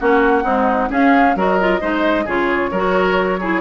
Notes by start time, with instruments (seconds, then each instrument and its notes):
0.00 bassoon A#3, clarinet C#4, oboe F#4, flute F#5
0.44 clarinet G#3, bassoon C4, oboe D#4
0.90 clarinet C#4, bassoon C#4, oboe G#4, flute F5
1.36 bassoon F#3, clarinet F#4, oboe A#4, flute D#5
1.60 clarinet F4
1.81 bassoon G#3, clarinet D#4, oboe C5
2.25 bassoon C#3, clarinet F4, oboe G#4, flute C#5
2.72 bassoon F#3, clarinet F#4, oboe A#4
3.40 clarinet E4, oboe G#4